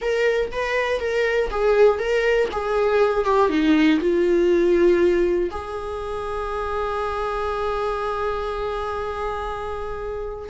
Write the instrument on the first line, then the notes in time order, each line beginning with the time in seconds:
viola
0.01 A#4
0.51 B4
1.00 A#4
1.50 G#4
1.98 A#4
2.51 G#4
3.25 G4
3.49 D#4
4.00 F4
5.50 G#4